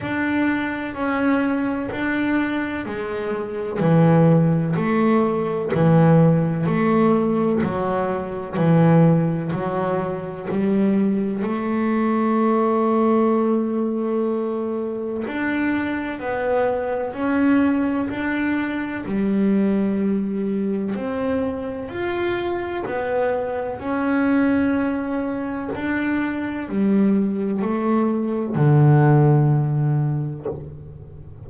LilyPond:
\new Staff \with { instrumentName = "double bass" } { \time 4/4 \tempo 4 = 63 d'4 cis'4 d'4 gis4 | e4 a4 e4 a4 | fis4 e4 fis4 g4 | a1 |
d'4 b4 cis'4 d'4 | g2 c'4 f'4 | b4 cis'2 d'4 | g4 a4 d2 | }